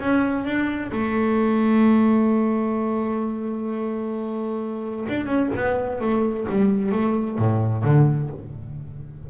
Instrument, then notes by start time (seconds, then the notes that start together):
double bass
0.00 C#4
0.44 D4
0.91 A3
5.09 D4
5.25 C#4
5.55 B3
6.00 A3
6.49 G3
6.91 A3
7.38 A2
7.83 D3